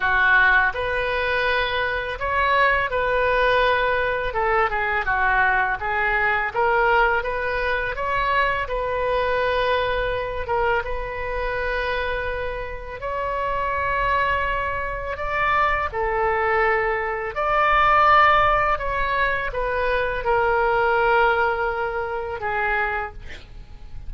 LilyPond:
\new Staff \with { instrumentName = "oboe" } { \time 4/4 \tempo 4 = 83 fis'4 b'2 cis''4 | b'2 a'8 gis'8 fis'4 | gis'4 ais'4 b'4 cis''4 | b'2~ b'8 ais'8 b'4~ |
b'2 cis''2~ | cis''4 d''4 a'2 | d''2 cis''4 b'4 | ais'2. gis'4 | }